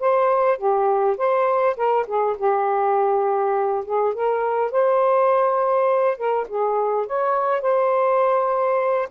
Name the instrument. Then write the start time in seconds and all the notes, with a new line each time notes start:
saxophone
0.00 C5
0.58 G4
1.17 C5
1.76 A#4
2.07 G#4
2.38 G4
3.85 G#4
4.14 A#4
4.71 C5
6.17 A#4
6.48 G#4
7.07 C#5
7.61 C5